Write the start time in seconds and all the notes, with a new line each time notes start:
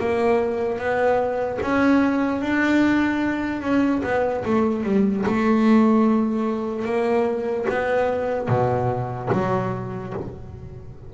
0.00 A#3
0.79 B3
1.62 C#4
2.41 D4
3.62 C#4
4.04 B3
4.46 A3
4.84 G3
5.27 A3
6.86 A#3
7.70 B3
8.49 B2
9.33 F#3